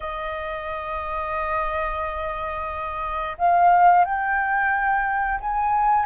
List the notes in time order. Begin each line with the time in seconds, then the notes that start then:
0.00 D#5
3.38 F5
4.04 G5
5.40 G#5